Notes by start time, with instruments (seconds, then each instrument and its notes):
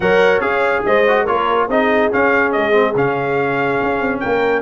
0.00 tuba F#3, trombone A#4, horn C#5, trumpet F#5
0.40 tuba C#4, trombone G#4, trumpet F5
0.85 tuba G#3, horn C5, trumpet D#5
1.07 trombone F#4
1.23 tuba A#3, trombone F4, horn A#4, trumpet C#5
1.68 tuba C4, trombone D#4, horn G#4, trumpet D#5
2.11 trombone C#4, tuba C#4, trumpet F5
2.52 tuba G#3, trumpet D#5
2.71 trombone C4
2.94 tuba C#3, trombone C#4, trumpet F5
3.81 tuba C#4
4.00 tuba C4
4.20 tuba A#3, horn A#4, trumpet G5